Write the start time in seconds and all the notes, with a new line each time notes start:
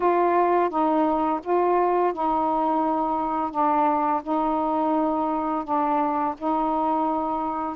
0.00 F4
0.69 D#4
1.43 F4
2.13 D#4
3.51 D4
4.23 D#4
5.64 D4
6.38 D#4